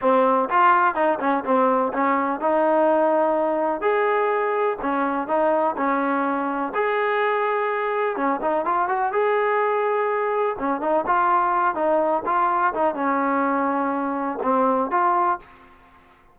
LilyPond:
\new Staff \with { instrumentName = "trombone" } { \time 4/4 \tempo 4 = 125 c'4 f'4 dis'8 cis'8 c'4 | cis'4 dis'2. | gis'2 cis'4 dis'4 | cis'2 gis'2~ |
gis'4 cis'8 dis'8 f'8 fis'8 gis'4~ | gis'2 cis'8 dis'8 f'4~ | f'8 dis'4 f'4 dis'8 cis'4~ | cis'2 c'4 f'4 | }